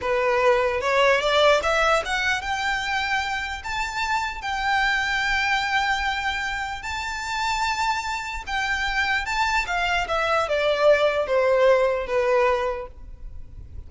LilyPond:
\new Staff \with { instrumentName = "violin" } { \time 4/4 \tempo 4 = 149 b'2 cis''4 d''4 | e''4 fis''4 g''2~ | g''4 a''2 g''4~ | g''1~ |
g''4 a''2.~ | a''4 g''2 a''4 | f''4 e''4 d''2 | c''2 b'2 | }